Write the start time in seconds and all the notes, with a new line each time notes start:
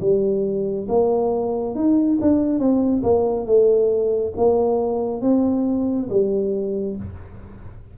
0.00 G3
0.88 A#3
1.75 D#4
2.21 D4
2.59 C4
3.03 A#3
3.46 A3
4.36 A#3
5.21 C4
6.09 G3